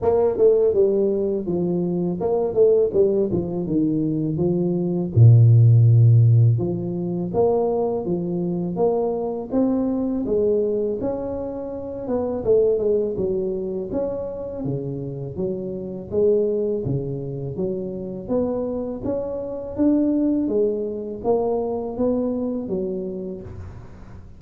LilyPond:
\new Staff \with { instrumentName = "tuba" } { \time 4/4 \tempo 4 = 82 ais8 a8 g4 f4 ais8 a8 | g8 f8 dis4 f4 ais,4~ | ais,4 f4 ais4 f4 | ais4 c'4 gis4 cis'4~ |
cis'8 b8 a8 gis8 fis4 cis'4 | cis4 fis4 gis4 cis4 | fis4 b4 cis'4 d'4 | gis4 ais4 b4 fis4 | }